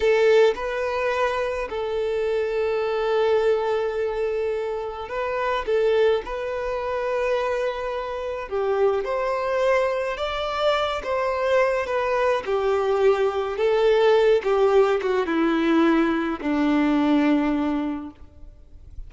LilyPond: \new Staff \with { instrumentName = "violin" } { \time 4/4 \tempo 4 = 106 a'4 b'2 a'4~ | a'1~ | a'4 b'4 a'4 b'4~ | b'2. g'4 |
c''2 d''4. c''8~ | c''4 b'4 g'2 | a'4. g'4 fis'8 e'4~ | e'4 d'2. | }